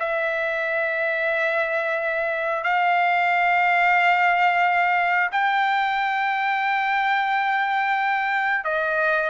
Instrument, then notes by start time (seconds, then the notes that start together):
trumpet
0.00 E5
2.64 F5
5.32 G5
8.65 D#5